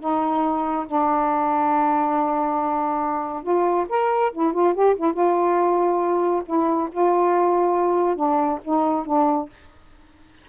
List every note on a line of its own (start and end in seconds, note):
0.00 0.86 D#4
0.87 3.43 D4
3.43 3.86 F4
3.89 4.32 A#4
4.33 4.53 E4
4.53 4.74 F4
4.74 4.96 G4
4.97 5.13 E4
5.13 6.43 F4
6.46 6.89 E4
6.92 8.16 F4
8.16 8.59 D4
8.64 9.06 D#4
9.06 9.49 D4